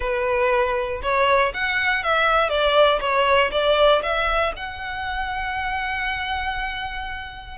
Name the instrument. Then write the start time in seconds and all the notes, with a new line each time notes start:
violin
0.00 B4
1.02 C#5
1.54 F#5
2.03 E5
2.49 D5
3.00 C#5
3.51 D5
4.02 E5
4.56 F#5